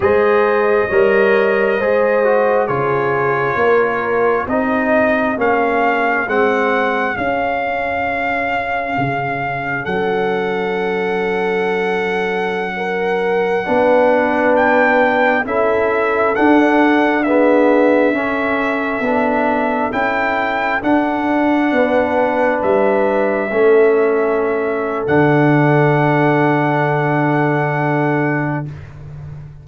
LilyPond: <<
  \new Staff \with { instrumentName = "trumpet" } { \time 4/4 \tempo 4 = 67 dis''2. cis''4~ | cis''4 dis''4 f''4 fis''4 | f''2. fis''4~ | fis''1~ |
fis''16 g''4 e''4 fis''4 e''8.~ | e''2~ e''16 g''4 fis''8.~ | fis''4~ fis''16 e''2~ e''8. | fis''1 | }
  \new Staff \with { instrumentName = "horn" } { \time 4/4 c''4 cis''4 c''4 gis'4 | ais'4 gis'2.~ | gis'2. a'4~ | a'2~ a'16 ais'4 b'8.~ |
b'4~ b'16 a'2 gis'8.~ | gis'16 a'2.~ a'8.~ | a'16 b'2 a'4.~ a'16~ | a'1 | }
  \new Staff \with { instrumentName = "trombone" } { \time 4/4 gis'4 ais'4 gis'8 fis'8 f'4~ | f'4 dis'4 cis'4 c'4 | cis'1~ | cis'2.~ cis'16 d'8.~ |
d'4~ d'16 e'4 d'4 b8.~ | b16 cis'4 d'4 e'4 d'8.~ | d'2~ d'16 cis'4.~ cis'16 | d'1 | }
  \new Staff \with { instrumentName = "tuba" } { \time 4/4 gis4 g4 gis4 cis4 | ais4 c'4 ais4 gis4 | cis'2 cis4 fis4~ | fis2.~ fis16 b8.~ |
b4~ b16 cis'4 d'4.~ d'16~ | d'16 cis'4 b4 cis'4 d'8.~ | d'16 b4 g4 a4.~ a16 | d1 | }
>>